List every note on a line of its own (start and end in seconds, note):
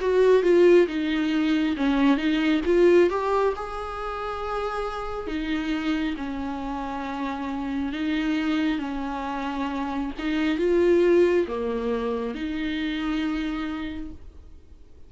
0.00 0.43 F#4
0.43 0.87 F4
0.87 1.75 D#4
1.76 2.17 C#4
2.17 2.61 D#4
2.65 3.09 F4
3.09 3.53 G4
3.55 5.27 G#4
5.27 6.15 D#4
6.16 7.93 C#4
7.93 8.78 D#4
8.78 10.11 C#4
10.18 10.58 D#4
10.58 11.46 F4
11.47 12.34 A#3
12.34 14.11 D#4